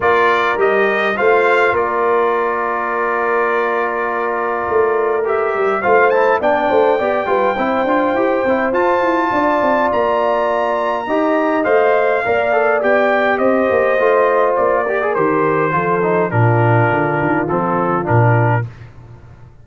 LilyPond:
<<
  \new Staff \with { instrumentName = "trumpet" } { \time 4/4 \tempo 4 = 103 d''4 dis''4 f''4 d''4~ | d''1~ | d''4 e''4 f''8 a''8 g''4~ | g''2. a''4~ |
a''4 ais''2. | f''2 g''4 dis''4~ | dis''4 d''4 c''2 | ais'2 a'4 ais'4 | }
  \new Staff \with { instrumentName = "horn" } { \time 4/4 ais'2 c''4 ais'4~ | ais'1~ | ais'2 c''4 d''8 c''8 | d''8 b'8 c''2. |
d''2. dis''4~ | dis''4 d''2 c''4~ | c''4. ais'4. a'4 | f'1 | }
  \new Staff \with { instrumentName = "trombone" } { \time 4/4 f'4 g'4 f'2~ | f'1~ | f'4 g'4 f'8 e'8 d'4 | g'8 f'8 e'8 f'8 g'8 e'8 f'4~ |
f'2. g'4 | c''4 ais'8 a'8 g'2 | f'4. g'16 gis'16 g'4 f'8 dis'8 | d'2 c'4 d'4 | }
  \new Staff \with { instrumentName = "tuba" } { \time 4/4 ais4 g4 a4 ais4~ | ais1 | a4. g8 a4 b8 a8 | b8 g8 c'8 d'8 e'8 c'8 f'8 e'8 |
d'8 c'8 ais2 dis'4 | a4 ais4 b4 c'8 ais8 | a4 ais4 dis4 f4 | ais,4 d8 dis8 f4 ais,4 | }
>>